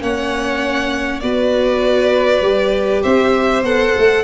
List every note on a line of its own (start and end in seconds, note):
0.00 1.22 A#3
0.00 1.21 C#4
0.00 1.22 C#5
0.00 1.20 F#5
1.20 2.41 B3
1.20 2.42 F#4
1.20 3.02 B4
1.20 3.02 D5
2.41 3.02 G3
2.41 3.63 G4
3.02 3.63 C4
3.02 4.23 C5
3.02 3.63 E5
3.63 3.93 B3
3.63 4.24 A4
3.63 4.24 F#5
3.97 4.24 A3